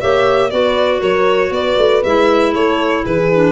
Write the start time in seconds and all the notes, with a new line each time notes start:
0.00 A#3 G4 C#5 E5
0.50 B3 F#4 B4 D5
0.99 F#3 A#4 C#5
1.50 B3 B4 D5
1.77 A3
2.03 G#3 E4 E5
2.53 A3 A4 C#5
3.03 E3 G#4 B4
3.33 D4